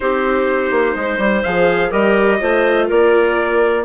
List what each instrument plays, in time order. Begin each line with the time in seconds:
0.00 bassoon C4, viola D#4, clarinet G4, trumpet C5
0.70 bassoon A#3
0.95 bassoon G#3, clarinet C5
1.17 bassoon G3
1.43 bassoon F3, viola G#4, trumpet F5
1.89 bassoon G3, viola G4, clarinet A#4, trumpet D#5
2.39 bassoon A3, viola F4, clarinet C5
2.87 bassoon A#3, clarinet A#4, trumpet D5